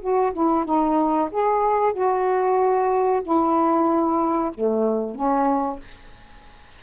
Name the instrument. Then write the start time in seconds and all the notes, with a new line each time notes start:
saxophone
0.00 F#4
0.33 E4
0.65 D#4
1.31 G#4
1.93 F#4
3.23 E4
4.54 A3
5.15 C#4